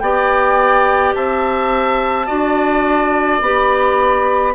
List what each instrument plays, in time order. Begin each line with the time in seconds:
0.00 bassoon B3, clarinet G4, oboe D5, flute G5
1.15 bassoon C4, oboe E5, flute A5
2.27 bassoon D4, clarinet F#4, oboe D5
3.42 bassoon B3, clarinet G4, flute B5